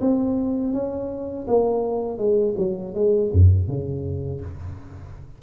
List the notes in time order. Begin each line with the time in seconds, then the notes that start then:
0.00 C4
0.73 C#4
1.47 A#3
2.18 G#3
2.57 F#3
2.94 G#3
3.32 F#2
3.68 C#3